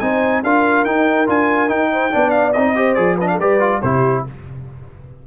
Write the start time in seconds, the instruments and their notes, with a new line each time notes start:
0.00 tuba C4, trombone D#4, horn C5, trumpet G#5
0.43 tuba D4, trombone F4, horn A#4, trumpet F5
0.85 tuba D#4, trombone D#4, trumpet G5
1.27 tuba D4, trombone F4, trumpet G#5
1.68 trombone D#4, tuba D#4, trumpet G5
1.92 horn C5
2.11 tuba B3, trombone D4, horn D5
2.30 trumpet F5
2.53 tuba C4, trombone D#4, trumpet D#5
2.76 trombone G4, horn C5
2.94 tuba F3, trombone G#4, trumpet D5
3.17 trombone D4, horn B4, trumpet D#5
3.28 horn A4, trumpet F5
3.39 tuba G3, trombone G4, horn B4, trumpet D5
3.60 trombone F4
3.82 tuba C3, trombone E4, horn G4, trumpet C5